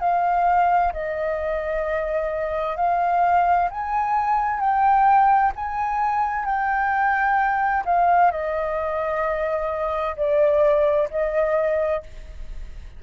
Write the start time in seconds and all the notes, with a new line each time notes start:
0.00 F5
0.93 D#5
2.77 F5
3.70 G#5
4.59 G5
5.55 G#5
6.45 G5
7.85 F5
8.31 D#5
10.16 D5
11.10 D#5